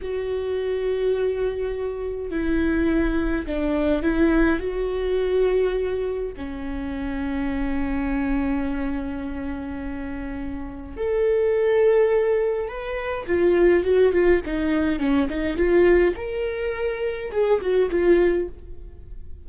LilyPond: \new Staff \with { instrumentName = "viola" } { \time 4/4 \tempo 4 = 104 fis'1 | e'2 d'4 e'4 | fis'2. cis'4~ | cis'1~ |
cis'2. a'4~ | a'2 b'4 f'4 | fis'8 f'8 dis'4 cis'8 dis'8 f'4 | ais'2 gis'8 fis'8 f'4 | }